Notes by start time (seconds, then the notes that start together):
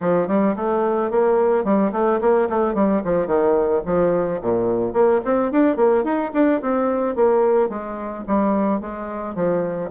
0.01 F3
0.27 G3
0.56 A3
1.10 A#3
1.64 G3
1.92 A3
2.21 A#3
2.49 A3
2.74 G3
3.04 F3
3.26 D#3
3.85 F3
4.41 A#2
4.93 A#3
5.24 C4
5.51 D4
5.76 A#3
6.04 D#4
6.33 D4
6.61 C4
7.15 A#3
7.69 G#3
8.27 G3
8.80 G#3
9.35 F3